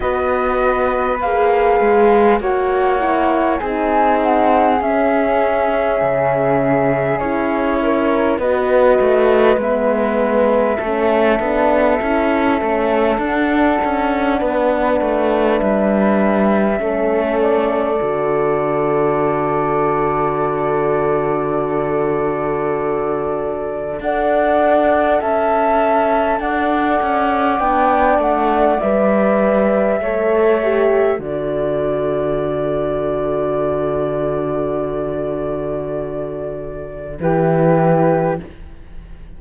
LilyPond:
<<
  \new Staff \with { instrumentName = "flute" } { \time 4/4 \tempo 4 = 50 dis''4 f''4 fis''4 gis''8 fis''8 | e''2 cis''4 dis''4 | e''2. fis''4~ | fis''4 e''4. d''4.~ |
d''1 | fis''4 a''4 fis''4 g''8 fis''8 | e''2 d''2~ | d''2. b'4 | }
  \new Staff \with { instrumentName = "flute" } { \time 4/4 b'2 cis''4 gis'4~ | gis'2~ gis'8 ais'8 b'4~ | b'4 a'2. | b'2 a'2~ |
a'1 | d''4 e''4 d''2~ | d''4 cis''4 a'2~ | a'2. g'4 | }
  \new Staff \with { instrumentName = "horn" } { \time 4/4 fis'4 gis'4 fis'8 e'8 dis'4 | cis'2 e'4 fis'4 | b4 cis'8 d'8 e'8 cis'8 d'4~ | d'2 cis'4 fis'4~ |
fis'1 | a'2. d'4 | b'4 a'8 g'8 fis'2~ | fis'2. e'4 | }
  \new Staff \with { instrumentName = "cello" } { \time 4/4 b4 ais8 gis8 ais4 c'4 | cis'4 cis4 cis'4 b8 a8 | gis4 a8 b8 cis'8 a8 d'8 cis'8 | b8 a8 g4 a4 d4~ |
d1 | d'4 cis'4 d'8 cis'8 b8 a8 | g4 a4 d2~ | d2. e4 | }
>>